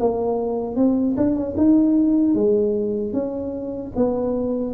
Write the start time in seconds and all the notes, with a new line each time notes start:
0.00 A#3
0.76 C4
1.17 D4
1.36 C#4
1.57 D#4
2.35 G#3
3.13 C#4
3.96 B3